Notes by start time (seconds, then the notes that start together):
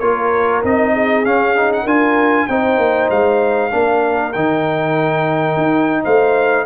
0.00 A#3 F4 A#4 C#5
0.64 C4 D#4 D#5
0.93 G#4
1.26 C#4 F5
1.57 D#4
1.73 F#5
1.84 D4 F4 A#4 G#5
2.48 C4 D#4 C5 G5
2.78 A#3
3.11 G#3 F5
3.71 A#3 D4 A#4
4.34 D#3 D#4 G5
5.57 D#4
6.04 A3 C5 F5